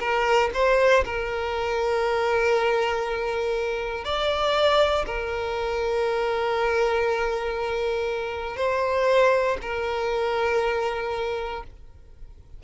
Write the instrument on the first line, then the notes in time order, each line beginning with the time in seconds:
violin
0.00 A#4
0.54 C5
1.05 A#4
4.05 D5
5.06 A#4
8.57 C5
9.62 A#4